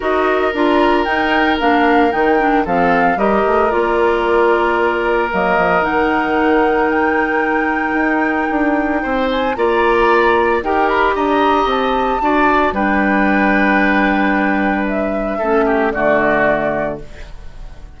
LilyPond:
<<
  \new Staff \with { instrumentName = "flute" } { \time 4/4 \tempo 4 = 113 dis''4 ais''4 g''4 f''4 | g''4 f''4 dis''4 d''4~ | d''2 dis''4 fis''4~ | fis''4 g''2.~ |
g''4. gis''8 ais''2 | g''8 b''8 ais''4 a''2 | g''1 | e''2 d''2 | }
  \new Staff \with { instrumentName = "oboe" } { \time 4/4 ais'1~ | ais'4 a'4 ais'2~ | ais'1~ | ais'1~ |
ais'4 c''4 d''2 | ais'4 dis''2 d''4 | b'1~ | b'4 a'8 g'8 fis'2 | }
  \new Staff \with { instrumentName = "clarinet" } { \time 4/4 fis'4 f'4 dis'4 d'4 | dis'8 d'8 c'4 g'4 f'4~ | f'2 ais4 dis'4~ | dis'1~ |
dis'2 f'2 | g'2. fis'4 | d'1~ | d'4 cis'4 a2 | }
  \new Staff \with { instrumentName = "bassoon" } { \time 4/4 dis'4 d'4 dis'4 ais4 | dis4 f4 g8 a8 ais4~ | ais2 fis8 f8 dis4~ | dis2. dis'4 |
d'4 c'4 ais2 | dis'4 d'4 c'4 d'4 | g1~ | g4 a4 d2 | }
>>